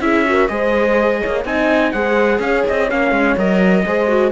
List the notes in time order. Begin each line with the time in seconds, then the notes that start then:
0.00 C#4 E4 G#4 E5
0.25 F#4 A#4
0.47 G#3 G#4 C5 D#5
1.21 A#3 C#5
1.44 C4 D#4 D#5 G#5
1.92 G#3 G#4 C5 F#5
2.39 C#4 C#5 F5
2.68 C4 D#5
2.89 A#3 C#4 F5
3.11 G#3
3.37 F#3 A#4 D#5
3.86 G#3 G#4 C5
4.07 F#4